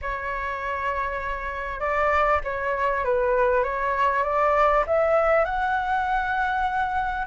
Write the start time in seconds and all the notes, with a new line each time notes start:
0.01 C#5
1.80 D5
2.44 C#5
3.04 B4
3.63 C#5
4.23 D5
4.87 E5
5.44 F#5